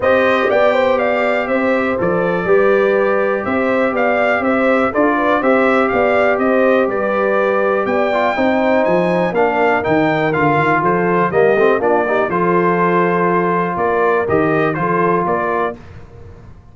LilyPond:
<<
  \new Staff \with { instrumentName = "trumpet" } { \time 4/4 \tempo 4 = 122 dis''4 g''4 f''4 e''4 | d''2. e''4 | f''4 e''4 d''4 e''4 | f''4 dis''4 d''2 |
g''2 gis''4 f''4 | g''4 f''4 c''4 dis''4 | d''4 c''2. | d''4 dis''4 c''4 d''4 | }
  \new Staff \with { instrumentName = "horn" } { \time 4/4 c''4 d''8 c''8 d''4 c''4~ | c''4 b'2 c''4 | d''4 c''4 a'8 b'8 c''4 | d''4 c''4 b'2 |
d''4 c''2 ais'4~ | ais'2 a'4 g'4 | f'8 g'8 a'2. | ais'2 a'4 ais'4 | }
  \new Staff \with { instrumentName = "trombone" } { \time 4/4 g'1 | a'4 g'2.~ | g'2 f'4 g'4~ | g'1~ |
g'8 f'8 dis'2 d'4 | dis'4 f'2 ais8 c'8 | d'8 dis'8 f'2.~ | f'4 g'4 f'2 | }
  \new Staff \with { instrumentName = "tuba" } { \time 4/4 c'4 b2 c'4 | f4 g2 c'4 | b4 c'4 d'4 c'4 | b4 c'4 g2 |
b4 c'4 f4 ais4 | dis4 d8 dis8 f4 g8 a8 | ais4 f2. | ais4 dis4 f4 ais4 | }
>>